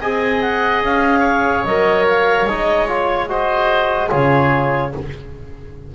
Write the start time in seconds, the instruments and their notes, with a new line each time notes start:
0.00 double bass C4, trombone G#4, oboe D#5, clarinet G#5
0.41 clarinet F#5
0.82 double bass C#4, clarinet F5
1.19 oboe C#5
1.64 double bass F#3, trombone A#4, clarinet D#5
2.08 clarinet F5
2.45 double bass G#3, trombone D#4, clarinet D#5
2.87 trombone F4, clarinet C#5
3.29 trombone F#4, oboe C5, clarinet D#5
4.09 double bass C#3, trombone F4, oboe G#4, clarinet C#5